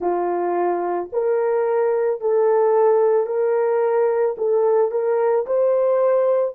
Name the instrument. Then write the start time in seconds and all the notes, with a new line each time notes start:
horn
0.00 F4
1.12 A#4
2.21 A4
3.26 A#4
4.37 A4
4.91 A#4
5.46 C5